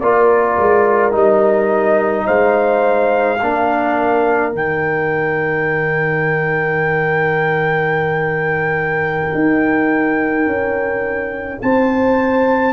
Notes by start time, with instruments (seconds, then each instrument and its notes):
0.00 tuba A#3, trombone F4, horn A#4, trumpet D5
0.58 tuba G#3
1.12 tuba G3, trombone D#4, trumpet D#5
2.26 tuba G#3, horn C5, trumpet F5
3.42 tuba A#3, trombone D4, horn A#4
4.52 tuba D#3, trombone D#4, trumpet G5
9.34 tuba D#4
10.46 tuba C#4
11.62 tuba C4, horn C5, trumpet A5